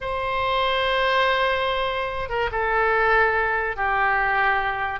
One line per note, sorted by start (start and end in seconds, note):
0.00 2.29 C5
2.29 2.50 A#4
2.51 3.76 A4
3.76 4.99 G4